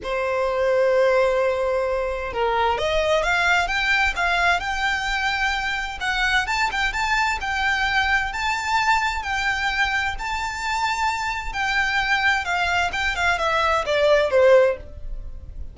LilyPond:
\new Staff \with { instrumentName = "violin" } { \time 4/4 \tempo 4 = 130 c''1~ | c''4 ais'4 dis''4 f''4 | g''4 f''4 g''2~ | g''4 fis''4 a''8 g''8 a''4 |
g''2 a''2 | g''2 a''2~ | a''4 g''2 f''4 | g''8 f''8 e''4 d''4 c''4 | }